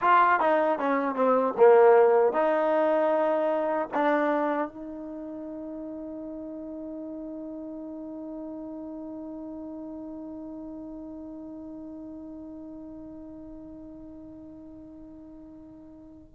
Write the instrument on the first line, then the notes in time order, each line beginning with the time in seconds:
trombone
0.01 F4
0.40 D#4
0.79 C#4
1.15 C4
1.57 A#3
2.32 D#4
3.94 D4
4.68 D#4